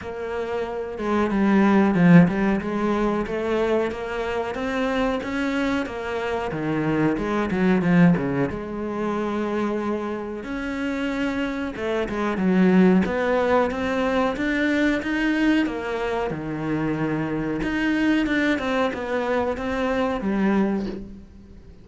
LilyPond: \new Staff \with { instrumentName = "cello" } { \time 4/4 \tempo 4 = 92 ais4. gis8 g4 f8 g8 | gis4 a4 ais4 c'4 | cis'4 ais4 dis4 gis8 fis8 | f8 cis8 gis2. |
cis'2 a8 gis8 fis4 | b4 c'4 d'4 dis'4 | ais4 dis2 dis'4 | d'8 c'8 b4 c'4 g4 | }